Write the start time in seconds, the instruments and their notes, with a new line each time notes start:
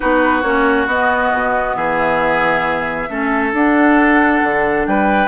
0.00 bassoon B3, clarinet D#4, oboe F#4, flute B4
0.42 bassoon A#3, clarinet C#4, flute C#5
0.86 bassoon B3, clarinet B3, flute D#5
1.32 bassoon B2
1.75 bassoon E3, oboe G#4, flute E5
3.09 bassoon A3, clarinet C#4, oboe A4
3.52 bassoon D4, clarinet D4, flute F#5
4.43 bassoon D3
4.86 bassoon G3, oboe B4, flute G5